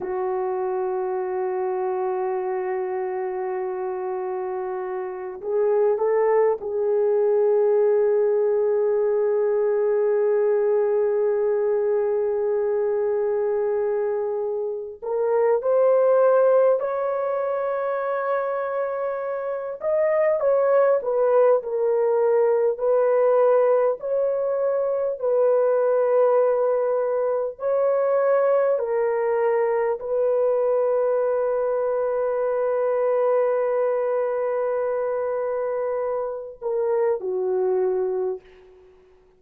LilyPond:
\new Staff \with { instrumentName = "horn" } { \time 4/4 \tempo 4 = 50 fis'1~ | fis'8 gis'8 a'8 gis'2~ gis'8~ | gis'1~ | gis'8 ais'8 c''4 cis''2~ |
cis''8 dis''8 cis''8 b'8 ais'4 b'4 | cis''4 b'2 cis''4 | ais'4 b'2.~ | b'2~ b'8 ais'8 fis'4 | }